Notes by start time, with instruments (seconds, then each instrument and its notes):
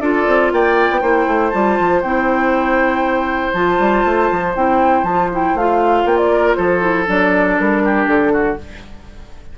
0.00 bassoon D4, clarinet F4, oboe A4, flute D5
0.27 bassoon C4
0.52 bassoon A#3, oboe D5, flute G5
0.90 bassoon B3
1.00 bassoon A#3, clarinet E4, oboe C5
1.27 bassoon A3
1.49 bassoon G3, clarinet F4, flute A5
1.79 bassoon F3
2.01 bassoon C4, clarinet E4, flute G5
3.53 bassoon F3, clarinet F4, flute A5
3.79 bassoon G3
4.05 bassoon A3
4.31 bassoon F3
4.54 bassoon C4, clarinet E4, flute G5
5.03 bassoon F3, flute A5
5.09 clarinet F4
5.32 clarinet E4, flute G5
5.54 bassoon A3, clarinet F4, flute F5
6.05 bassoon A#3, flute G5
6.16 flute D5
6.31 oboe A#4
6.55 bassoon F3, oboe A4, flute C5
6.79 clarinet E4
7.07 bassoon F#3, clarinet D4, flute D5
7.58 bassoon G3, flute A#4
7.84 oboe G4
8.06 bassoon D3, flute A4
8.32 oboe F#4